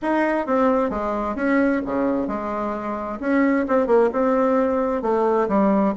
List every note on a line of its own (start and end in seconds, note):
0.02 0.46 D#4
0.46 0.89 C4
0.89 1.35 G#3
1.35 1.81 C#4
1.85 2.27 C#3
2.27 3.19 G#3
3.19 3.65 C#4
3.67 3.87 C4
3.87 4.10 A#3
4.12 5.02 C4
5.02 5.47 A3
5.48 5.94 G3